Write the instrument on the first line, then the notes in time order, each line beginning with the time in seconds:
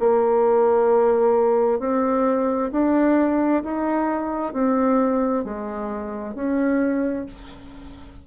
bassoon
0.00 A#3
1.80 C4
2.72 D4
3.64 D#4
4.54 C4
5.45 G#3
6.35 C#4